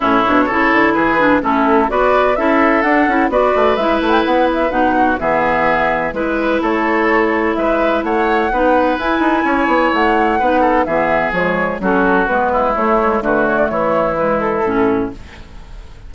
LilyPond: <<
  \new Staff \with { instrumentName = "flute" } { \time 4/4 \tempo 4 = 127 cis''2 b'4 a'4 | d''4 e''4 fis''4 d''4 | e''8 fis''16 g''16 fis''8 e''8 fis''4 e''4~ | e''4 b'4 cis''2 |
e''4 fis''2 gis''4~ | gis''4 fis''2 e''4 | cis''4 a'4 b'4 cis''4 | b'8 cis''16 d''16 cis''4 b'8 a'4. | }
  \new Staff \with { instrumentName = "oboe" } { \time 4/4 e'4 a'4 gis'4 e'4 | b'4 a'2 b'4~ | b'2~ b'8 fis'8 gis'4~ | gis'4 b'4 a'2 |
b'4 cis''4 b'2 | cis''2 b'8 a'8 gis'4~ | gis'4 fis'4. e'4. | fis'4 e'2. | }
  \new Staff \with { instrumentName = "clarinet" } { \time 4/4 cis'8 d'8 e'4. d'8 cis'4 | fis'4 e'4 d'8 e'8 fis'4 | e'2 dis'4 b4~ | b4 e'2.~ |
e'2 dis'4 e'4~ | e'2 dis'4 b4 | gis4 cis'4 b4 a8 gis8 | a2 gis4 cis'4 | }
  \new Staff \with { instrumentName = "bassoon" } { \time 4/4 a,8 b,8 cis8 d8 e4 a4 | b4 cis'4 d'8 cis'8 b8 a8 | gis8 a8 b4 b,4 e4~ | e4 gis4 a2 |
gis4 a4 b4 e'8 dis'8 | cis'8 b8 a4 b4 e4 | f4 fis4 gis4 a4 | d4 e2 a,4 | }
>>